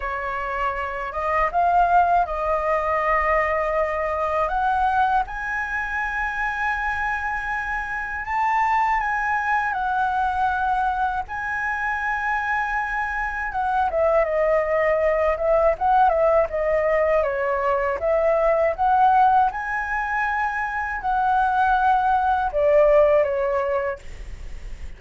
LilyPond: \new Staff \with { instrumentName = "flute" } { \time 4/4 \tempo 4 = 80 cis''4. dis''8 f''4 dis''4~ | dis''2 fis''4 gis''4~ | gis''2. a''4 | gis''4 fis''2 gis''4~ |
gis''2 fis''8 e''8 dis''4~ | dis''8 e''8 fis''8 e''8 dis''4 cis''4 | e''4 fis''4 gis''2 | fis''2 d''4 cis''4 | }